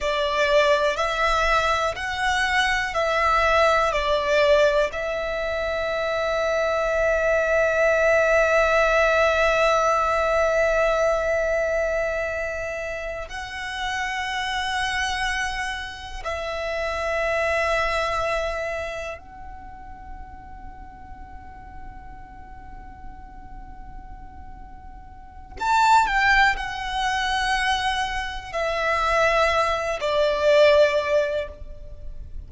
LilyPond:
\new Staff \with { instrumentName = "violin" } { \time 4/4 \tempo 4 = 61 d''4 e''4 fis''4 e''4 | d''4 e''2.~ | e''1~ | e''4. fis''2~ fis''8~ |
fis''8 e''2. fis''8~ | fis''1~ | fis''2 a''8 g''8 fis''4~ | fis''4 e''4. d''4. | }